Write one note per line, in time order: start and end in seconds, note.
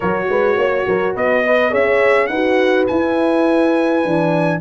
0.00 0.29 F#3
0.00 1.46 F#4
0.00 0.28 A#4
0.00 1.16 C#5
0.29 0.57 G#3
0.29 0.57 B4
0.57 0.86 A#3
0.57 0.86 C#5
0.87 1.16 F#3
0.87 1.14 A#4
1.14 1.73 B3
1.14 1.43 B4
1.14 1.74 D#5
1.45 1.71 B4
1.45 1.71 D#5
1.71 2.28 C#4
1.71 2.28 G#4
1.71 2.28 C#5
1.71 2.26 E5
2.26 2.86 D#4
2.26 4.60 B4
2.26 2.84 F#5
2.33 2.89 F#4
2.87 4.03 E4
2.87 4.05 E4
2.87 4.60 G#5
4.03 4.61 E3
4.03 4.60 D4